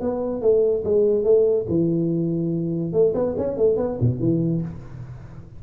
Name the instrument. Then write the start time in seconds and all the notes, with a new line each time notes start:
tuba
0.00 B3
0.41 A3
0.84 G#3
1.24 A3
1.69 E3
2.93 A3
3.14 B3
3.37 C#4
3.57 A3
3.77 B3
4.00 B2
4.20 E3